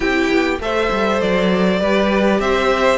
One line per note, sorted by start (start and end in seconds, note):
0.00 0.27 C4
0.00 0.58 E4
0.00 0.59 G4
0.00 0.59 G5
0.30 0.59 B3
0.59 0.89 A3
0.59 1.81 A4
0.59 1.80 C5
0.59 1.21 E5
0.91 1.21 G3
1.21 1.80 F#3
1.21 2.40 D5
1.80 2.39 G3
1.80 2.98 G4
1.80 2.40 B4
2.39 2.98 C4
2.39 2.98 C5
2.39 2.98 E5